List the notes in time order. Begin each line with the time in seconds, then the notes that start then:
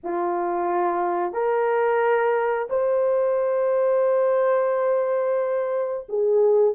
0.03 F4
1.33 A#4
2.69 C5
6.09 G#4